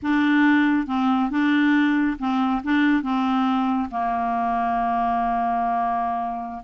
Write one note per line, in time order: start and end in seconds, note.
0.02 0.86 D4
0.86 1.30 C4
1.30 2.17 D4
2.18 2.62 C4
2.63 3.02 D4
3.02 3.89 C4
3.90 6.62 A#3